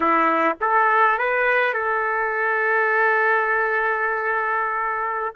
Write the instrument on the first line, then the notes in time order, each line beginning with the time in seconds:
trumpet
0.00 E4
0.60 A4
1.18 B4
1.73 A4